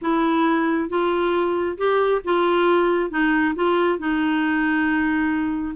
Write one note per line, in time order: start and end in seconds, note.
0.01 0.89 E4
0.89 1.77 F4
1.77 2.21 G4
2.24 3.10 F4
3.10 3.54 D#4
3.55 3.98 F4
3.98 5.75 D#4